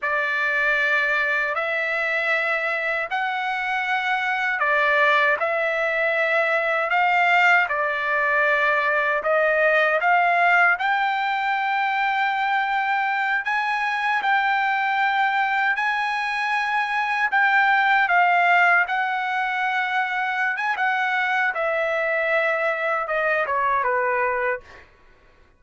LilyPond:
\new Staff \with { instrumentName = "trumpet" } { \time 4/4 \tempo 4 = 78 d''2 e''2 | fis''2 d''4 e''4~ | e''4 f''4 d''2 | dis''4 f''4 g''2~ |
g''4. gis''4 g''4.~ | g''8 gis''2 g''4 f''8~ | f''8 fis''2~ fis''16 gis''16 fis''4 | e''2 dis''8 cis''8 b'4 | }